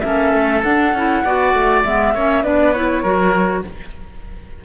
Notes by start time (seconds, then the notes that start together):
0.00 A#3 C#4 A4 E5
0.33 A3
0.62 D4 F#5
0.93 C#4 E4
1.24 B3 F#4 D5
1.54 A3
1.83 G#3 B3 E5
2.14 A#3 C#4 C#5
2.43 B3 D4 B4 D5
2.73 E4 C#5
3.02 F#3 F#4 A#4